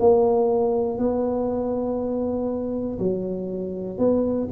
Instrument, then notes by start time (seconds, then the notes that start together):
tuba
0.00 A#3
0.98 B3
2.99 F#3
3.98 B3